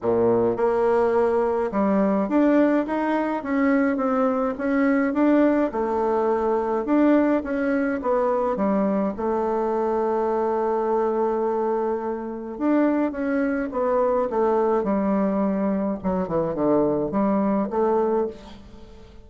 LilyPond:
\new Staff \with { instrumentName = "bassoon" } { \time 4/4 \tempo 4 = 105 ais,4 ais2 g4 | d'4 dis'4 cis'4 c'4 | cis'4 d'4 a2 | d'4 cis'4 b4 g4 |
a1~ | a2 d'4 cis'4 | b4 a4 g2 | fis8 e8 d4 g4 a4 | }